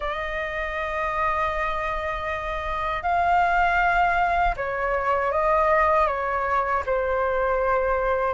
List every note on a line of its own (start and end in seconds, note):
0.00 3.02 D#5
3.02 4.54 F5
4.56 5.31 C#5
5.31 6.07 D#5
6.07 6.83 C#5
6.86 8.34 C5